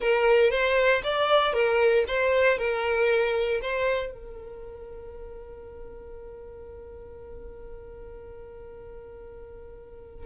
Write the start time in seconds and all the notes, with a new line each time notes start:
0.00 A#4
0.50 C5
1.03 D5
1.53 A#4
2.07 C5
2.58 A#4
3.61 C5
4.12 A#4